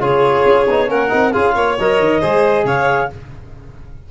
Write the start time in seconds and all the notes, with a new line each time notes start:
0.00 C#3 F4 G#4 C#5
0.45 C#4
0.68 B3 D#4
0.87 A#3 C#4 A#4 F#5
1.09 C4 D#4
1.33 C#4 F4 G#4 F5
1.55 A#3 C#5
1.79 F#3 A#4 D#5
1.99 D#3
2.21 G#3 G#4 C5
2.65 C#3 C#5 F5